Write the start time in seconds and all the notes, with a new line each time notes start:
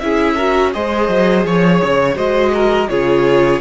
0.00 C#4 E4 G#4 E5
0.35 F#4 A#4
0.73 G#3 G#4 C5 D#5
1.08 F#3
1.45 F3 C#5
1.84 C#3
2.15 G#3 F#4 C5 D#5
2.54 A#4
2.89 C#3 F4 G#4 C#5